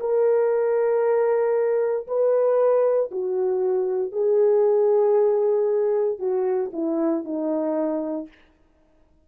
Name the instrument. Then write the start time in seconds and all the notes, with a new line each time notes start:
horn
0.00 A#4
2.07 B4
3.11 F#4
4.12 G#4
6.19 F#4
6.73 E4
7.25 D#4